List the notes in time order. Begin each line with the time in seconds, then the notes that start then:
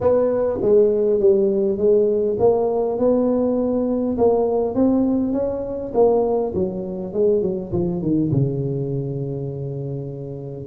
0.00 B3
0.61 G#3
1.20 G3
1.77 G#3
2.39 A#3
2.98 B3
4.17 A#3
4.74 C4
5.32 C#4
5.94 A#3
6.54 F#3
7.13 G#3
7.42 F#3
7.72 F3
8.01 D#3
8.31 C#3